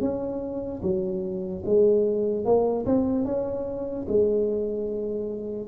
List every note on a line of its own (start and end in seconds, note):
0.00 0.81 C#4
0.82 1.63 F#3
1.65 2.45 G#3
2.45 2.85 A#3
2.86 3.25 C4
3.25 4.06 C#4
4.08 5.67 G#3